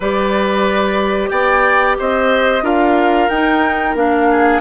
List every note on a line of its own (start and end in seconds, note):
0.00 1.29 G3
0.00 2.62 G4
0.00 1.29 B4
0.00 1.29 D5
1.29 1.96 B3
1.29 1.97 D5
1.29 1.95 G5
1.98 2.62 C4
1.98 2.63 C5
1.98 2.65 D#5
2.62 3.27 D4
2.62 3.28 F4
2.62 4.28 A#4
2.62 3.29 F5
3.29 3.95 D#4
3.29 3.95 G5
3.95 4.60 A#3
3.95 4.60 D4
3.95 4.60 F5
4.30 4.60 G#4